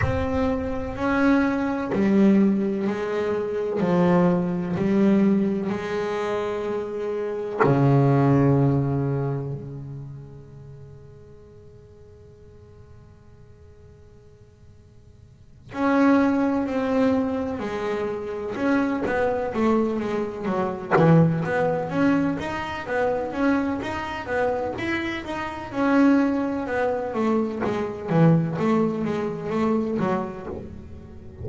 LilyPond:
\new Staff \with { instrumentName = "double bass" } { \time 4/4 \tempo 4 = 63 c'4 cis'4 g4 gis4 | f4 g4 gis2 | cis2 gis2~ | gis1~ |
gis8 cis'4 c'4 gis4 cis'8 | b8 a8 gis8 fis8 e8 b8 cis'8 dis'8 | b8 cis'8 dis'8 b8 e'8 dis'8 cis'4 | b8 a8 gis8 e8 a8 gis8 a8 fis8 | }